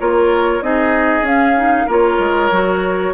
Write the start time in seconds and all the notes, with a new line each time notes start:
0.00 A#3 F4 A#4 C#5
0.62 C4 D#4 G#4 D#5
1.22 C#4 F5
1.56 D#4
1.87 A#3 F4 A#4 C#5
2.19 G#3
2.51 F#3 F#4